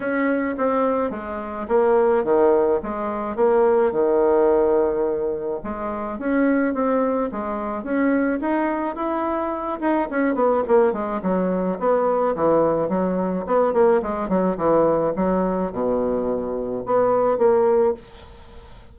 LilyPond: \new Staff \with { instrumentName = "bassoon" } { \time 4/4 \tempo 4 = 107 cis'4 c'4 gis4 ais4 | dis4 gis4 ais4 dis4~ | dis2 gis4 cis'4 | c'4 gis4 cis'4 dis'4 |
e'4. dis'8 cis'8 b8 ais8 gis8 | fis4 b4 e4 fis4 | b8 ais8 gis8 fis8 e4 fis4 | b,2 b4 ais4 | }